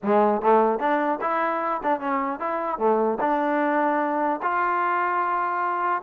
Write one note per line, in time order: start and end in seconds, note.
0.02 0.41 G#3
0.41 0.79 A3
0.79 1.19 D4
1.21 1.81 E4
1.83 2.00 D4
2.00 2.39 C#4
2.39 2.78 E4
2.78 3.18 A3
3.20 4.40 D4
4.42 6.02 F4